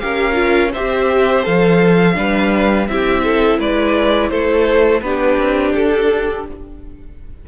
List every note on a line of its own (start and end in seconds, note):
0.00 0.75 C#4
0.00 0.34 G4
0.00 0.72 A#4
0.00 0.71 F5
0.34 0.69 F4
0.72 1.44 G4
0.72 2.14 C5
0.72 1.45 E5
0.79 1.46 C4
1.44 2.17 F3
1.44 2.15 A4
1.44 2.88 F5
2.15 2.89 G3
2.15 2.86 D4
2.15 2.89 B4
2.88 3.59 C4
2.88 5.03 E4
2.88 3.24 G4
2.88 3.60 E5
3.24 3.59 A4
3.59 4.31 G#3
3.59 4.31 B4
3.59 4.30 D5
4.30 5.02 A3
4.30 5.02 A4
4.30 5.01 C5
5.01 5.37 B3
5.01 6.46 D4
5.01 6.48 G4
5.01 5.73 B4
5.38 5.73 C4
5.75 6.46 D4
5.75 6.46 A4